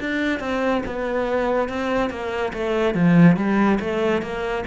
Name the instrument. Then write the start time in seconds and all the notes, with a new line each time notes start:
cello
0.00 D4
0.40 C4
0.86 B3
1.69 C4
2.10 A#3
2.53 A3
2.95 F3
3.36 G3
3.80 A3
4.22 A#3